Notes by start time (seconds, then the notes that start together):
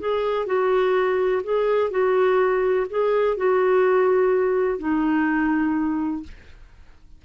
0.00 G#4
0.46 F#4
1.43 G#4
1.90 F#4
2.90 G#4
3.37 F#4
4.79 D#4